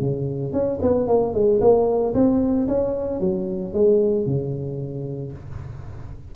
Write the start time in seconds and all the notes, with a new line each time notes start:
0.00 C#3
0.52 C#4
0.82 B3
1.07 A#3
1.34 G#3
1.60 A#3
2.14 C4
2.68 C#4
3.20 F#3
3.73 G#3
4.26 C#3